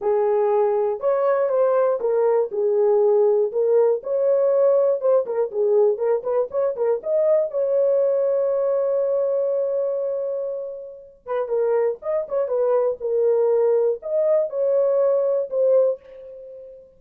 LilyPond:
\new Staff \with { instrumentName = "horn" } { \time 4/4 \tempo 4 = 120 gis'2 cis''4 c''4 | ais'4 gis'2 ais'4 | cis''2 c''8 ais'8 gis'4 | ais'8 b'8 cis''8 ais'8 dis''4 cis''4~ |
cis''1~ | cis''2~ cis''8 b'8 ais'4 | dis''8 cis''8 b'4 ais'2 | dis''4 cis''2 c''4 | }